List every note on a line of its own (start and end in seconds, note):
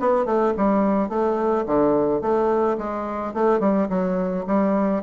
0.00 0.26 B3
0.26 0.54 A3
0.58 1.10 G3
1.10 1.66 A3
1.67 2.22 D3
2.22 2.78 A3
2.78 3.34 G#3
3.34 3.60 A3
3.60 3.88 G3
3.90 4.46 F#3
4.47 5.03 G3